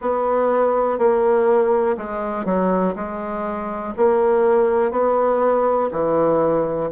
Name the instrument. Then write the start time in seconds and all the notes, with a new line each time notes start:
bassoon
0.01 B3
0.98 A#3
1.97 G#3
2.45 F#3
2.95 G#3
3.96 A#3
4.91 B3
5.92 E3